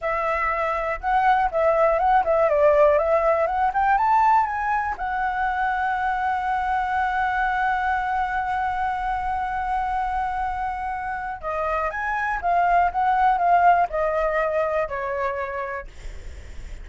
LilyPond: \new Staff \with { instrumentName = "flute" } { \time 4/4 \tempo 4 = 121 e''2 fis''4 e''4 | fis''8 e''8 d''4 e''4 fis''8 g''8 | a''4 gis''4 fis''2~ | fis''1~ |
fis''1~ | fis''2. dis''4 | gis''4 f''4 fis''4 f''4 | dis''2 cis''2 | }